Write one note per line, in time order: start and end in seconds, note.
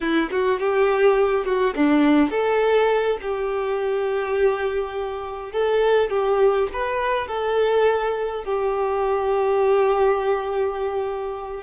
0.00 0.29 E4
0.31 0.59 F#4
0.59 1.45 G4
1.45 1.74 F#4
1.75 2.30 D4
2.30 3.17 A4
3.21 5.52 G4
5.52 6.10 A4
6.10 6.68 G4
6.72 7.27 B4
7.27 8.44 A4
8.44 11.63 G4